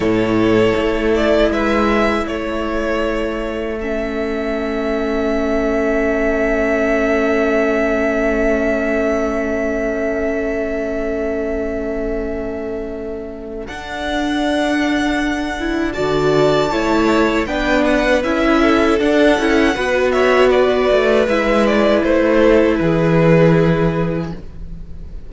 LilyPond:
<<
  \new Staff \with { instrumentName = "violin" } { \time 4/4 \tempo 4 = 79 cis''4. d''8 e''4 cis''4~ | cis''4 e''2.~ | e''1~ | e''1~ |
e''2 fis''2~ | fis''4 a''2 g''8 fis''8 | e''4 fis''4. e''8 d''4 | e''8 d''8 c''4 b'2 | }
  \new Staff \with { instrumentName = "violin" } { \time 4/4 a'2 b'4 a'4~ | a'1~ | a'1~ | a'1~ |
a'1~ | a'4 d''4 cis''4 b'4~ | b'8 a'4. b'8 cis''8 b'4~ | b'4. a'8 gis'2 | }
  \new Staff \with { instrumentName = "viola" } { \time 4/4 e'1~ | e'4 cis'2.~ | cis'1~ | cis'1~ |
cis'2 d'2~ | d'8 e'8 fis'4 e'4 d'4 | e'4 d'8 e'8 fis'2 | e'1 | }
  \new Staff \with { instrumentName = "cello" } { \time 4/4 a,4 a4 gis4 a4~ | a1~ | a1~ | a1~ |
a2 d'2~ | d'4 d4 a4 b4 | cis'4 d'8 cis'8 b4. a8 | gis4 a4 e2 | }
>>